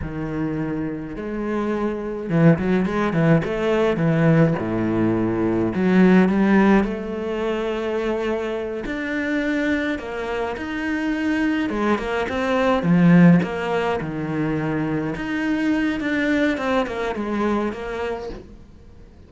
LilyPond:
\new Staff \with { instrumentName = "cello" } { \time 4/4 \tempo 4 = 105 dis2 gis2 | e8 fis8 gis8 e8 a4 e4 | a,2 fis4 g4 | a2.~ a8 d'8~ |
d'4. ais4 dis'4.~ | dis'8 gis8 ais8 c'4 f4 ais8~ | ais8 dis2 dis'4. | d'4 c'8 ais8 gis4 ais4 | }